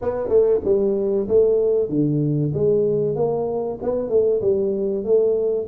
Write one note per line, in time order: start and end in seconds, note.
0.01 0.28 B3
0.28 0.60 A3
0.64 1.27 G3
1.27 1.89 A3
1.89 2.52 D3
2.53 3.15 G#3
3.15 3.78 A#3
3.82 4.09 B3
4.09 4.40 A3
4.41 5.04 G3
5.04 5.67 A3